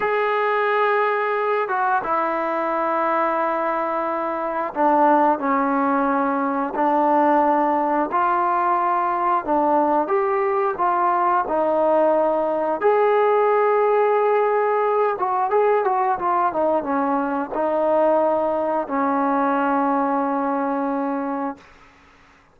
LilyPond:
\new Staff \with { instrumentName = "trombone" } { \time 4/4 \tempo 4 = 89 gis'2~ gis'8 fis'8 e'4~ | e'2. d'4 | cis'2 d'2 | f'2 d'4 g'4 |
f'4 dis'2 gis'4~ | gis'2~ gis'8 fis'8 gis'8 fis'8 | f'8 dis'8 cis'4 dis'2 | cis'1 | }